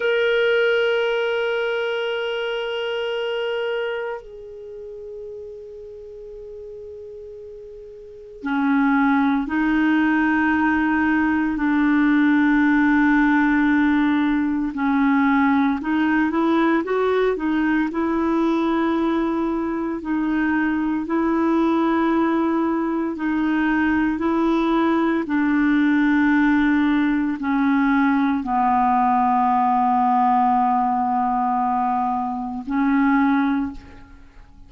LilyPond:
\new Staff \with { instrumentName = "clarinet" } { \time 4/4 \tempo 4 = 57 ais'1 | gis'1 | cis'4 dis'2 d'4~ | d'2 cis'4 dis'8 e'8 |
fis'8 dis'8 e'2 dis'4 | e'2 dis'4 e'4 | d'2 cis'4 b4~ | b2. cis'4 | }